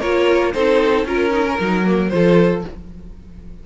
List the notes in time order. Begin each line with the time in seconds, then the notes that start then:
0.00 A#3 F4 A#4 C#5
0.53 C4 D#4 A4 C5
1.05 C#4 F4 A#4
1.31 D#4
1.46 C#4
1.60 F#3 D#4
1.84 A#3
2.09 F3 F4 A4 C5